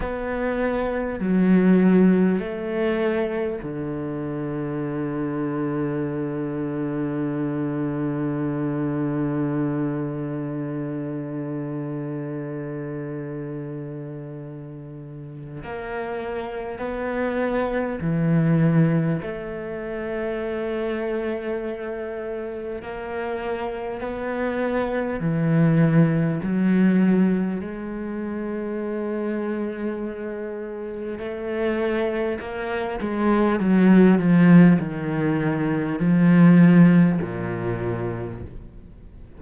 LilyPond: \new Staff \with { instrumentName = "cello" } { \time 4/4 \tempo 4 = 50 b4 fis4 a4 d4~ | d1~ | d1~ | d4 ais4 b4 e4 |
a2. ais4 | b4 e4 fis4 gis4~ | gis2 a4 ais8 gis8 | fis8 f8 dis4 f4 ais,4 | }